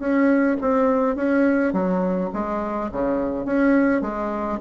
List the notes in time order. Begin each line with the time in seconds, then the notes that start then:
0.00 C#4
0.62 C4
1.16 C#4
1.74 F#3
2.34 G#3
2.92 C#3
3.46 C#4
4.02 G#3